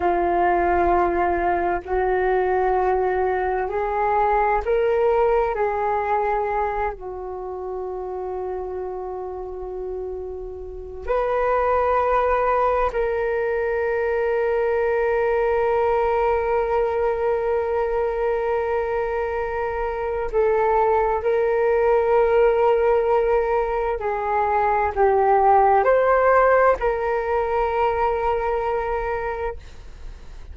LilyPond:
\new Staff \with { instrumentName = "flute" } { \time 4/4 \tempo 4 = 65 f'2 fis'2 | gis'4 ais'4 gis'4. fis'8~ | fis'1 | b'2 ais'2~ |
ais'1~ | ais'2 a'4 ais'4~ | ais'2 gis'4 g'4 | c''4 ais'2. | }